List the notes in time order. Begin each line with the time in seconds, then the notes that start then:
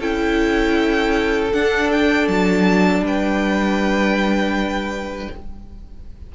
0.00 C#4 E4 A4 G5
1.52 D4 F#5
1.92 G5
2.28 F#3 A5
3.00 G3 B4
3.07 G5